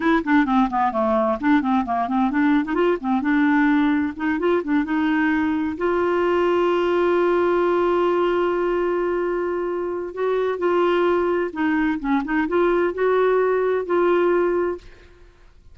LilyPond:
\new Staff \with { instrumentName = "clarinet" } { \time 4/4 \tempo 4 = 130 e'8 d'8 c'8 b8 a4 d'8 c'8 | ais8 c'8 d'8. dis'16 f'8 c'8 d'4~ | d'4 dis'8 f'8 d'8 dis'4.~ | dis'8 f'2.~ f'8~ |
f'1~ | f'2 fis'4 f'4~ | f'4 dis'4 cis'8 dis'8 f'4 | fis'2 f'2 | }